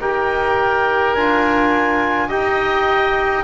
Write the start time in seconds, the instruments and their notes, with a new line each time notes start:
0.00 double bass D#4, trombone G4, oboe A#4, clarinet G5
1.14 double bass D4, trombone F4, clarinet G#5
2.28 double bass D#4, trombone G4, oboe D#5, clarinet G5